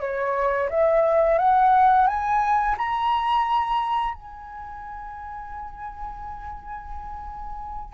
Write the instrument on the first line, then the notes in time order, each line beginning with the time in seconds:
flute
0.00 C#5
0.70 E5
1.38 F#5
2.07 G#5
2.77 A#5
4.14 G#5